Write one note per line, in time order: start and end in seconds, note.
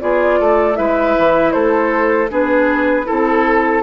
0.00 0.40 B3
0.00 0.75 F4
0.00 0.39 G#4
0.00 0.76 D5
0.39 0.78 A3
0.39 0.78 A4
0.75 1.17 G#3
0.75 2.29 E4
0.75 1.54 B4
0.75 1.52 E5
1.18 1.55 E3
1.52 2.31 A3
1.52 2.31 A4
1.52 2.29 C5
2.29 3.08 B3
2.29 3.05 D4
2.29 3.06 G#4
2.29 3.10 B4
3.05 3.83 C4
3.05 3.82 E4
3.05 3.83 A4